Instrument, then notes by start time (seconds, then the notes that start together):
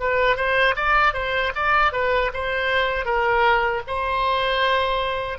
oboe
0.00 B4
0.36 C5
0.76 D5
1.14 C5
1.55 D5
1.93 B4
2.34 C5
3.05 A#4
3.87 C5